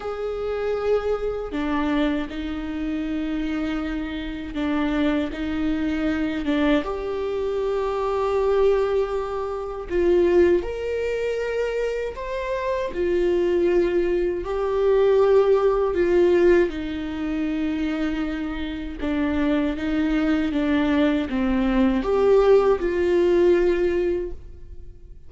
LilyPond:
\new Staff \with { instrumentName = "viola" } { \time 4/4 \tempo 4 = 79 gis'2 d'4 dis'4~ | dis'2 d'4 dis'4~ | dis'8 d'8 g'2.~ | g'4 f'4 ais'2 |
c''4 f'2 g'4~ | g'4 f'4 dis'2~ | dis'4 d'4 dis'4 d'4 | c'4 g'4 f'2 | }